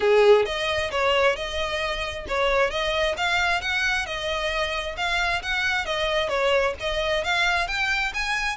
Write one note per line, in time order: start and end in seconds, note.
0.00 0.45 G#4
0.45 0.90 D#5
0.91 1.35 C#5
1.35 2.26 D#5
2.28 2.70 C#5
2.70 3.15 D#5
3.17 3.61 F5
3.61 4.05 F#5
4.05 4.96 D#5
4.96 5.42 F5
5.42 5.85 F#5
5.85 6.28 D#5
6.28 6.73 C#5
6.79 7.23 D#5
7.23 7.67 F5
7.67 8.12 G5
8.13 8.56 G#5